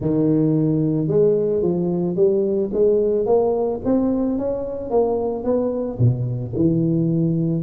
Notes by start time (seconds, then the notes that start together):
0.00 D#3
1.07 G#3
1.62 F3
2.15 G3
2.73 G#3
3.26 A#3
3.85 C4
4.38 C#4
4.90 A#3
5.43 B3
5.99 B2
6.55 E3